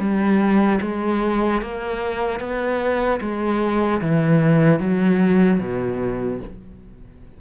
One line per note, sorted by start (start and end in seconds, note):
0.00 0.80 G3
0.82 1.62 G#3
1.62 2.40 A#3
2.40 3.20 B3
3.21 4.01 G#3
4.02 4.80 E3
4.80 5.60 F#3
5.60 6.40 B2